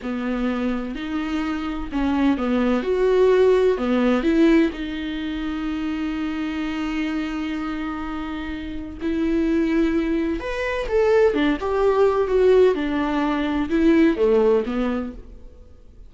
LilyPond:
\new Staff \with { instrumentName = "viola" } { \time 4/4 \tempo 4 = 127 b2 dis'2 | cis'4 b4 fis'2 | b4 e'4 dis'2~ | dis'1~ |
dis'2. e'4~ | e'2 b'4 a'4 | d'8 g'4. fis'4 d'4~ | d'4 e'4 a4 b4 | }